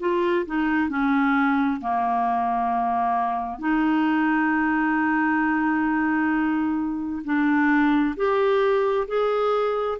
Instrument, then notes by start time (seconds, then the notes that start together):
clarinet
0.00 F4
0.46 D#4
0.89 C#4
1.81 A#3
3.59 D#4
7.24 D4
8.16 G4
9.07 G#4